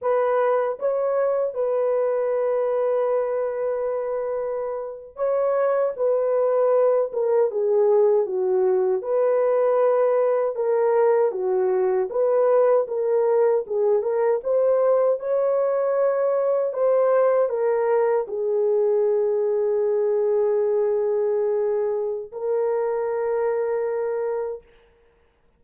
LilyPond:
\new Staff \with { instrumentName = "horn" } { \time 4/4 \tempo 4 = 78 b'4 cis''4 b'2~ | b'2~ b'8. cis''4 b'16~ | b'4~ b'16 ais'8 gis'4 fis'4 b'16~ | b'4.~ b'16 ais'4 fis'4 b'16~ |
b'8. ais'4 gis'8 ais'8 c''4 cis''16~ | cis''4.~ cis''16 c''4 ais'4 gis'16~ | gis'1~ | gis'4 ais'2. | }